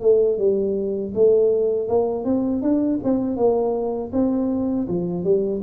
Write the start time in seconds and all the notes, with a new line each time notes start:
0.00 A3
0.38 G3
1.14 A3
1.88 A#3
2.24 C4
2.62 D4
3.03 C4
3.36 A#3
4.12 C4
4.88 F3
5.24 G3